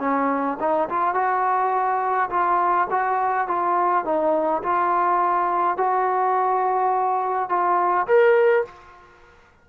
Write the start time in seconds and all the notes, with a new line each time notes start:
0.00 C#4
0.60 D#4
0.89 F4
1.15 F#4
2.30 F4
2.91 F#4
3.48 F4
4.05 D#4
4.63 F4
5.77 F#4
7.49 F4
8.07 A#4